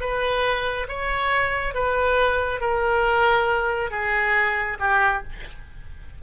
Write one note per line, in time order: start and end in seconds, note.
0.00 0.87 B4
0.88 1.74 C#5
1.74 2.60 B4
2.60 3.91 A#4
3.91 4.77 G#4
4.79 5.23 G4